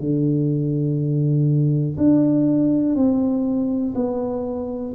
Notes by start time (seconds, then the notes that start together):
0.00 D3
1.98 D4
2.96 C4
3.95 B3